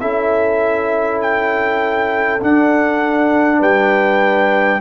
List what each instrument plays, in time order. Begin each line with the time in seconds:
0.00 tuba C#4, trombone E4, horn A4, trumpet E5
1.22 trumpet G5
2.41 trombone D4, tuba D4, trumpet F#5
3.59 tuba G3, horn B4, trumpet G5